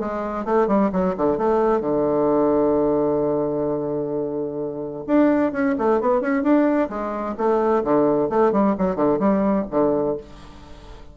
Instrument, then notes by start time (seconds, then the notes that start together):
bassoon
0.00 G#3
0.45 A3
0.68 G3
0.93 F#3
1.17 D3
1.38 A3
1.81 D3
5.07 D4
5.53 C#4
5.79 A3
6.01 B3
6.21 C#4
6.43 D4
6.90 G#3
7.38 A3
7.84 D3
8.30 A3
8.53 G3
8.79 F#3
8.96 D3
9.20 G3
9.71 D3